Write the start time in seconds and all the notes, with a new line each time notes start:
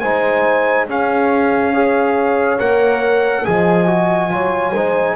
0.00 G#3 D#4 C5 G#5
0.88 C#4 G#4 F5
1.74 G#4 C#5
2.59 A#3 A#4 F#5
3.44 F3 G#4 D#5 G#5
3.87 F#4
4.30 F#3 F4 C#5
4.71 G#3 D#4 C5